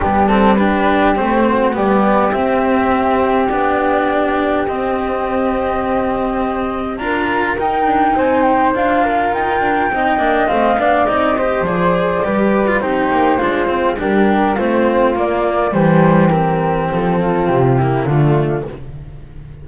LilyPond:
<<
  \new Staff \with { instrumentName = "flute" } { \time 4/4 \tempo 4 = 103 g'8 a'8 b'4 c''4 d''4 | e''2 d''2 | dis''1 | ais''4 g''4 gis''8 g''8 f''4 |
g''2 f''4 dis''4 | d''2 c''2 | ais'4 c''4 d''4 c''4 | ais'4 a'4 g'4 f'4 | }
  \new Staff \with { instrumentName = "flute" } { \time 4/4 d'4 g'4. fis'8 g'4~ | g'1~ | g'1 | ais'2 c''4. ais'8~ |
ais'4 dis''4. d''4 c''8~ | c''4 b'4 g'4 f'4 | g'4 f'2 g'4~ | g'4. f'4 e'8 d'4 | }
  \new Staff \with { instrumentName = "cello" } { \time 4/4 b8 c'8 d'4 c'4 b4 | c'2 d'2 | c'1 | f'4 dis'2 f'4~ |
f'4 dis'8 d'8 c'8 d'8 dis'8 g'8 | gis'4 g'8. f'16 dis'4 d'8 c'8 | d'4 c'4 ais4 g4 | c'2~ c'8 ais8 a4 | }
  \new Staff \with { instrumentName = "double bass" } { \time 4/4 g2 a4 g4 | c'2 b2 | c'1 | d'4 dis'8 d'8 c'4 d'4 |
dis'8 d'8 c'8 ais8 a8 b8 c'4 | f4 g4 c'8 ais8 gis4 | g4 a4 ais4 e4~ | e4 f4 c4 d4 | }
>>